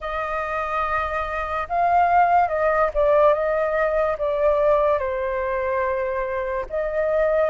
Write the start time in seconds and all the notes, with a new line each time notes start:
0.00 D#5
1.69 F5
2.48 D#5
2.94 D5
3.33 D#5
4.17 D5
4.98 C5
6.69 D#5